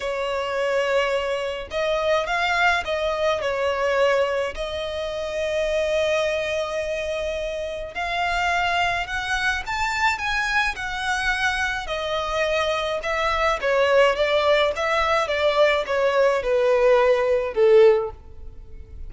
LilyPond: \new Staff \with { instrumentName = "violin" } { \time 4/4 \tempo 4 = 106 cis''2. dis''4 | f''4 dis''4 cis''2 | dis''1~ | dis''2 f''2 |
fis''4 a''4 gis''4 fis''4~ | fis''4 dis''2 e''4 | cis''4 d''4 e''4 d''4 | cis''4 b'2 a'4 | }